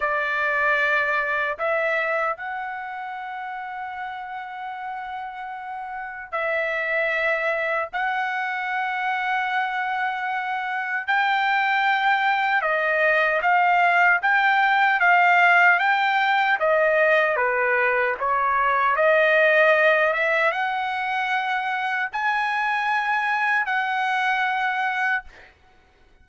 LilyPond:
\new Staff \with { instrumentName = "trumpet" } { \time 4/4 \tempo 4 = 76 d''2 e''4 fis''4~ | fis''1 | e''2 fis''2~ | fis''2 g''2 |
dis''4 f''4 g''4 f''4 | g''4 dis''4 b'4 cis''4 | dis''4. e''8 fis''2 | gis''2 fis''2 | }